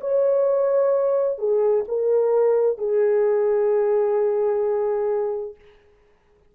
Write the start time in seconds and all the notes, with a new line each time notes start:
0.00 C#5
1.38 G#4
1.88 A#4
2.78 G#4